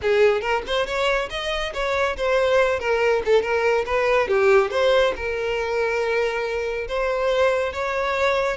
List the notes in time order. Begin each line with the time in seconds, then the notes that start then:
0.02 G#4
0.41 A#4
0.66 C5
0.86 C#5
1.30 D#5
1.73 C#5
2.16 C5
2.79 A#4
3.25 A4
3.41 A#4
3.86 B4
4.27 G4
4.70 C5
5.16 A#4
6.87 C5
7.73 C#5